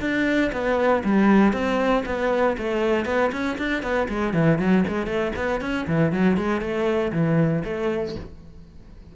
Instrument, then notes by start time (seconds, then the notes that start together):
cello
0.00 D4
0.52 B3
1.04 G3
1.53 C4
2.05 B3
2.57 A3
3.05 B3
3.32 C#4
3.58 D4
3.82 B3
4.09 G#3
4.33 E3
4.59 F#3
4.87 G#3
5.06 A3
5.36 B3
5.61 C#4
5.87 E3
6.12 F#3
6.37 G#3
6.61 A3
7.12 E3
7.65 A3